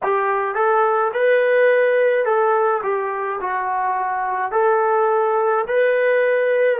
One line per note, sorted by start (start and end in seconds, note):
0.03 0.55 G4
0.55 1.11 A4
1.13 2.25 B4
2.25 2.81 A4
2.83 3.40 G4
3.40 4.51 F#4
4.51 5.64 A4
5.67 6.79 B4